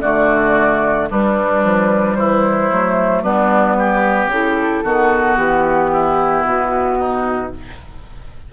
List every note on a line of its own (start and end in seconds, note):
0.00 1.09 D3
0.00 1.08 A3
0.00 1.08 F#4
0.00 1.07 D5
1.10 1.63 G3
1.10 2.72 G3
1.10 2.17 D4
1.10 2.14 B4
1.63 2.16 F3
2.14 2.69 E3
2.14 3.22 E4
2.14 3.21 C5
2.71 3.23 F#3
2.71 3.24 A3
3.22 4.26 G3
3.22 4.31 B3
3.22 3.76 D4
3.22 4.29 B4
3.78 4.83 G4
4.26 4.80 C#3
4.26 4.84 E4
4.26 5.37 A4
4.83 5.36 D#3
4.83 7.52 B3
4.83 5.91 F#4
5.36 6.43 E3
5.36 6.44 G4
5.92 6.98 E4
6.44 7.51 B2
6.44 7.52 F#4
6.98 7.52 D#4